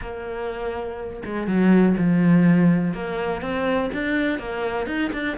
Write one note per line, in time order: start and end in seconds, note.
0.01 1.23 A#3
1.25 1.47 G#3
1.47 1.96 F#3
1.97 2.94 F3
2.94 3.41 A#3
3.41 3.90 C4
3.93 4.38 D4
4.38 4.86 A#3
4.86 5.11 D#4
5.12 5.37 D4